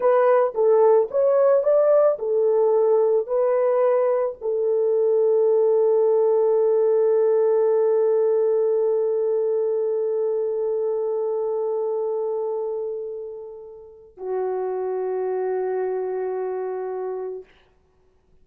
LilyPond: \new Staff \with { instrumentName = "horn" } { \time 4/4 \tempo 4 = 110 b'4 a'4 cis''4 d''4 | a'2 b'2 | a'1~ | a'1~ |
a'1~ | a'1~ | a'2 fis'2~ | fis'1 | }